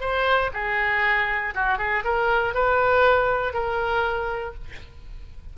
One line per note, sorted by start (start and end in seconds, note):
0.00 0.50 C5
0.53 1.54 G#4
1.54 1.78 F#4
1.78 2.03 G#4
2.04 2.54 A#4
2.54 3.53 B4
3.53 4.54 A#4